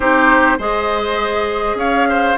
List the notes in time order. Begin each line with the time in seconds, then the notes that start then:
0.00 C4 D#4 G4 C5
0.58 G#3 G#4 C5 D#5
1.74 C#4 C#5 F5
2.09 C5